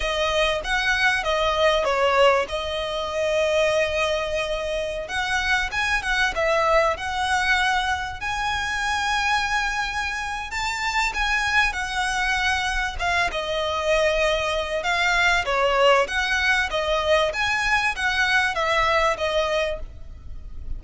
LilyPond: \new Staff \with { instrumentName = "violin" } { \time 4/4 \tempo 4 = 97 dis''4 fis''4 dis''4 cis''4 | dis''1~ | dis''16 fis''4 gis''8 fis''8 e''4 fis''8.~ | fis''4~ fis''16 gis''2~ gis''8.~ |
gis''4 a''4 gis''4 fis''4~ | fis''4 f''8 dis''2~ dis''8 | f''4 cis''4 fis''4 dis''4 | gis''4 fis''4 e''4 dis''4 | }